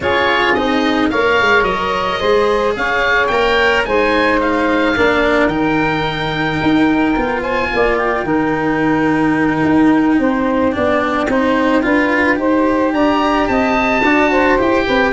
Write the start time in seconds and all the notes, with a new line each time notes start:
0.00 C#4 F4 G#4 C#5
0.54 C4 D#4 D#5
1.10 A#3 A#4 C#5 F5
1.40 G#3
1.62 F#3 D#5
2.19 G#3 G#4 C5
2.76 C#4 C#5 F5
3.27 A#3 A#4 G5
3.85 G#3 D#4 C5 G#5
4.41 F5
4.95 A#3 D4 A#4
5.46 D#3 D#4 G5
6.62 D#4
7.16 B3 F4
7.41 C5 G#5
7.73 A#3 D5
7.97 G5
8.24 D#3 D#4 A#4
9.64 D#4
10.18 C4 C5
10.72 B3 D4 D5
11.27 C4 D#4 C5
11.82 D4 F4 B4
12.36 D#4 G4 C5
12.93 D4 D5 A#5
13.47 C4 D#5 A5
14.02 D4 F#4 D5
14.30 C5
14.58 E4 G4 G5
14.86 C4 B4